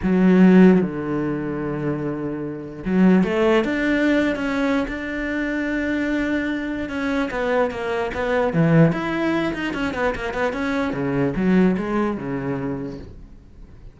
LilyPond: \new Staff \with { instrumentName = "cello" } { \time 4/4 \tempo 4 = 148 fis2 d2~ | d2. fis4 | a4 d'4.~ d'16 cis'4~ cis'16 | d'1~ |
d'4 cis'4 b4 ais4 | b4 e4 e'4. dis'8 | cis'8 b8 ais8 b8 cis'4 cis4 | fis4 gis4 cis2 | }